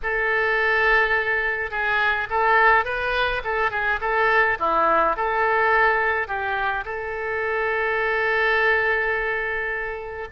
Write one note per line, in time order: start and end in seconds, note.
0.02 1.70 A4
1.70 2.27 G#4
2.30 2.84 A4
2.84 3.42 B4
3.44 3.71 A4
3.71 3.99 G#4
4.00 4.57 A4
4.59 5.16 E4
5.16 6.27 A4
6.27 6.84 G4
6.85 10.28 A4